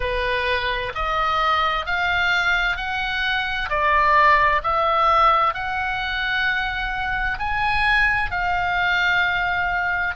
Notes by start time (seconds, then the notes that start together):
0.00 B4
0.94 D#5
1.86 F5
2.77 F#5
3.69 D5
4.63 E5
5.53 F#5
7.38 G#5
8.31 F5